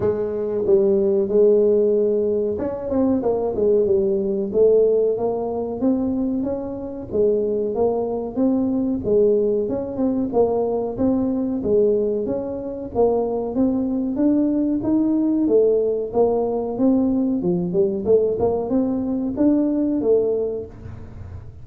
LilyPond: \new Staff \with { instrumentName = "tuba" } { \time 4/4 \tempo 4 = 93 gis4 g4 gis2 | cis'8 c'8 ais8 gis8 g4 a4 | ais4 c'4 cis'4 gis4 | ais4 c'4 gis4 cis'8 c'8 |
ais4 c'4 gis4 cis'4 | ais4 c'4 d'4 dis'4 | a4 ais4 c'4 f8 g8 | a8 ais8 c'4 d'4 a4 | }